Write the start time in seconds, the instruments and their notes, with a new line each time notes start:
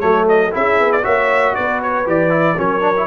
0.00 tuba F#3, trombone A3, horn A4, trumpet C#5
0.29 trumpet D#5
0.52 tuba C#4, trombone E4, horn G#4, trumpet E5
0.79 tuba B3
0.92 trumpet D5
1.03 tuba A#3, trombone F#4, horn C#5, trumpet E5
1.55 tuba B3, horn B4, trumpet D5
1.82 trumpet C#5
2.06 tuba E3, trombone G4, trumpet D5
2.30 trombone E4
2.57 tuba F#3, trombone C#4, horn A#4, trumpet C#5
2.81 trombone D4
2.97 trombone E4